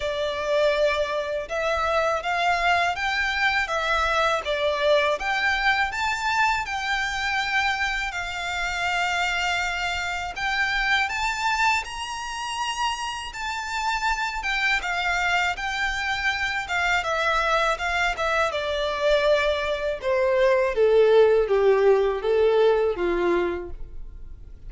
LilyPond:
\new Staff \with { instrumentName = "violin" } { \time 4/4 \tempo 4 = 81 d''2 e''4 f''4 | g''4 e''4 d''4 g''4 | a''4 g''2 f''4~ | f''2 g''4 a''4 |
ais''2 a''4. g''8 | f''4 g''4. f''8 e''4 | f''8 e''8 d''2 c''4 | a'4 g'4 a'4 f'4 | }